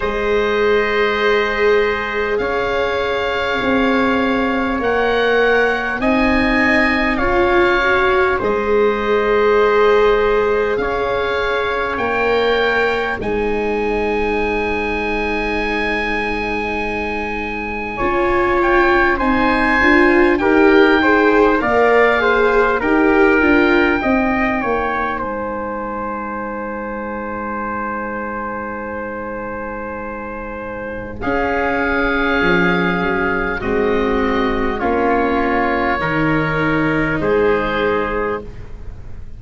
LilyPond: <<
  \new Staff \with { instrumentName = "oboe" } { \time 4/4 \tempo 4 = 50 dis''2 f''2 | fis''4 gis''4 f''4 dis''4~ | dis''4 f''4 g''4 gis''4~ | gis''2.~ gis''8 g''8 |
gis''4 g''4 f''4 g''4~ | g''4 gis''2.~ | gis''2 f''2 | dis''4 cis''2 c''4 | }
  \new Staff \with { instrumentName = "trumpet" } { \time 4/4 c''2 cis''2~ | cis''4 dis''4 cis''4 c''4~ | c''4 cis''2 c''4~ | c''2. cis''4 |
c''4 ais'8 c''8 d''8 c''8 ais'4 | dis''8 cis''8 c''2.~ | c''2 gis'2 | fis'4 f'4 ais'4 gis'4 | }
  \new Staff \with { instrumentName = "viola" } { \time 4/4 gis'1 | ais'4 dis'4 f'8 fis'8 gis'4~ | gis'2 ais'4 dis'4~ | dis'2. f'4 |
dis'8 f'8 g'8 gis'8 ais'8 gis'8 g'8 f'8 | dis'1~ | dis'2 cis'2 | c'4 cis'4 dis'2 | }
  \new Staff \with { instrumentName = "tuba" } { \time 4/4 gis2 cis'4 c'4 | ais4 c'4 cis'4 gis4~ | gis4 cis'4 ais4 gis4~ | gis2. cis'4 |
c'8 d'8 dis'4 ais4 dis'8 d'8 | c'8 ais8 gis2.~ | gis2 cis'4 f8 fis8 | gis4 ais4 dis4 gis4 | }
>>